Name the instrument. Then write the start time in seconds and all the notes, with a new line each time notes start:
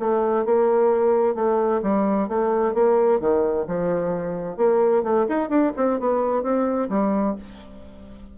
bassoon
0.00 A3
0.45 A#3
1.35 A3
1.83 G3
2.29 A3
2.74 A#3
3.20 D#3
3.67 F3
4.57 A#3
5.03 A3
5.29 D#4
5.49 D4
5.77 C4
6.00 B3
6.43 C4
6.89 G3